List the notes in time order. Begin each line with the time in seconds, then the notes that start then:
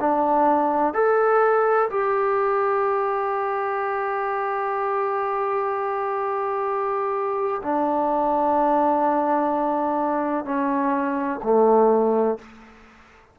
0.00 D4
0.94 A4
1.90 G4
7.63 D4
10.45 C#4
11.43 A3